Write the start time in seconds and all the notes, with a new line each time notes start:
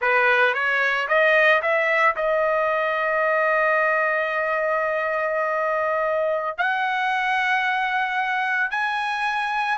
0.01 B4
0.54 C#5
1.08 D#5
1.61 E5
2.16 D#5
6.57 F#5
8.70 G#5